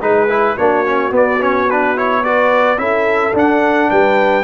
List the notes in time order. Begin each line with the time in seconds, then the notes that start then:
0.00 G#3 D#4 G#4 B4
0.29 E4
0.57 A#3 D4 F#4 C#5
0.86 C#4
1.11 B3 D5
1.40 C#4 C#5
1.70 D4 B4
1.96 E4 C#5
2.24 F#4 B4 D5
2.77 C#4 E4 A4 E5
3.33 D4 F#5
3.90 G3 B4 G5